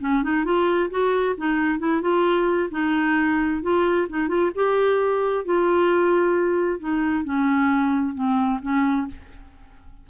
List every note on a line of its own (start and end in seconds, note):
0.00 0.23 C#4
0.23 0.44 D#4
0.44 0.90 F4
0.90 1.36 F#4
1.37 1.79 D#4
1.79 2.01 E4
2.01 2.69 F4
2.71 3.62 D#4
3.62 4.07 F4
4.09 4.28 D#4
4.28 4.51 F4
4.55 5.45 G4
5.45 6.80 F4
6.80 7.24 D#4
7.24 8.14 C#4
8.14 8.60 C4
8.62 9.07 C#4